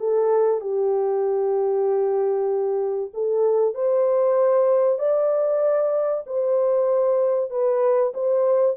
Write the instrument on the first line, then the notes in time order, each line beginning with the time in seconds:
horn
0.00 A4
0.61 G4
3.14 A4
3.75 C5
4.99 D5
6.27 C5
7.51 B4
8.14 C5